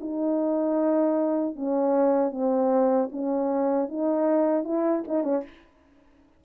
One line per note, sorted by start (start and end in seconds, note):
0.00 1.55 D#4
1.55 2.31 C#4
2.31 3.09 C4
3.12 3.89 C#4
3.89 4.64 D#4
4.64 5.03 E4
5.07 5.23 D#4
5.23 5.43 C#4